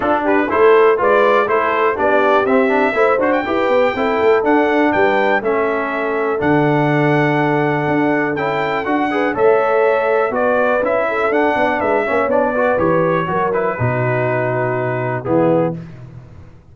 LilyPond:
<<
  \new Staff \with { instrumentName = "trumpet" } { \time 4/4 \tempo 4 = 122 a'8 b'8 c''4 d''4 c''4 | d''4 e''4. c''16 g''4~ g''16~ | g''4 fis''4 g''4 e''4~ | e''4 fis''2.~ |
fis''4 g''4 fis''4 e''4~ | e''4 d''4 e''4 fis''4 | e''4 d''4 cis''4. b'8~ | b'2. gis'4 | }
  \new Staff \with { instrumentName = "horn" } { \time 4/4 f'8 g'8 a'4 b'4 a'4 | g'2 c''4 b'4 | a'2 b'4 a'4~ | a'1~ |
a'2~ a'8 b'8 cis''4~ | cis''4 b'4. a'4 d''8 | b'8 cis''4 b'4. ais'4 | fis'2. e'4 | }
  \new Staff \with { instrumentName = "trombone" } { \time 4/4 d'4 e'4 f'4 e'4 | d'4 c'8 d'8 e'8 fis'8 g'4 | e'4 d'2 cis'4~ | cis'4 d'2.~ |
d'4 e'4 fis'8 gis'8 a'4~ | a'4 fis'4 e'4 d'4~ | d'8 cis'8 d'8 fis'8 g'4 fis'8 e'8 | dis'2. b4 | }
  \new Staff \with { instrumentName = "tuba" } { \time 4/4 d'4 a4 gis4 a4 | b4 c'4 a8 d'8 e'8 b8 | c'8 a8 d'4 g4 a4~ | a4 d2. |
d'4 cis'4 d'4 a4~ | a4 b4 cis'4 d'8 b8 | gis8 ais8 b4 e4 fis4 | b,2. e4 | }
>>